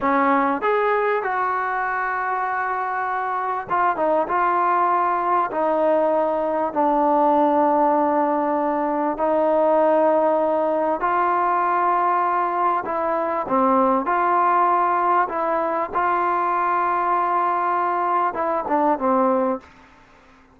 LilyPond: \new Staff \with { instrumentName = "trombone" } { \time 4/4 \tempo 4 = 98 cis'4 gis'4 fis'2~ | fis'2 f'8 dis'8 f'4~ | f'4 dis'2 d'4~ | d'2. dis'4~ |
dis'2 f'2~ | f'4 e'4 c'4 f'4~ | f'4 e'4 f'2~ | f'2 e'8 d'8 c'4 | }